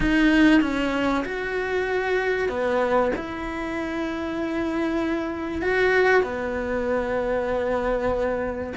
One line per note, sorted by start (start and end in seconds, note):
0.00 0.61 D#4
0.61 1.23 C#4
1.24 2.49 F#4
2.49 3.11 B3
3.16 5.61 E4
5.61 6.23 F#4
6.23 8.73 B3